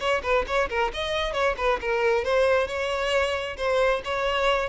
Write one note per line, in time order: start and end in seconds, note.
0.00 0.22 C#5
0.24 0.46 B4
0.47 0.70 C#5
0.70 0.92 A#4
0.94 1.34 D#5
1.34 1.56 C#5
1.58 1.80 B4
1.81 2.25 A#4
2.25 2.68 C5
2.68 3.57 C#5
3.57 4.02 C5
4.05 4.70 C#5